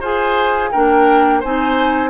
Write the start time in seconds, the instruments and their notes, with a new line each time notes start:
0.00 bassoon F4, clarinet G#4, oboe C5, flute G#5
0.71 bassoon A#3, clarinet D4, oboe A#4, flute G5
1.40 bassoon C4, clarinet D#4, oboe C5, flute G#5